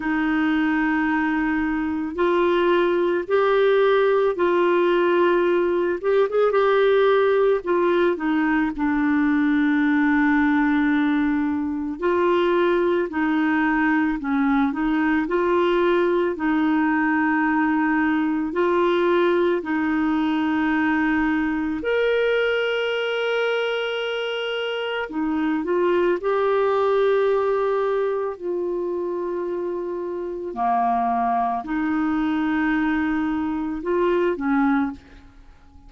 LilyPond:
\new Staff \with { instrumentName = "clarinet" } { \time 4/4 \tempo 4 = 55 dis'2 f'4 g'4 | f'4. g'16 gis'16 g'4 f'8 dis'8 | d'2. f'4 | dis'4 cis'8 dis'8 f'4 dis'4~ |
dis'4 f'4 dis'2 | ais'2. dis'8 f'8 | g'2 f'2 | ais4 dis'2 f'8 cis'8 | }